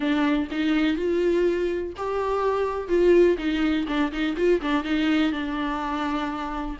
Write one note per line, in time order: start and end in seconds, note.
0.00 0.48 D4
0.51 0.96 D#4
0.96 1.93 F4
1.96 2.88 G4
2.88 3.36 F4
3.38 3.86 D#4
3.87 4.11 D4
4.12 4.36 D#4
4.36 4.61 F4
4.61 4.83 D4
4.83 5.32 D#4
5.32 6.77 D4